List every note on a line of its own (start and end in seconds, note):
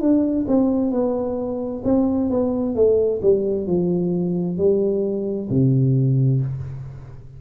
0.00 0.45 D4
0.47 0.91 C4
0.91 1.82 B3
1.84 2.30 C4
2.30 2.75 B3
2.75 3.21 A3
3.21 3.67 G3
3.67 4.57 F3
4.57 5.48 G3
5.50 6.40 C3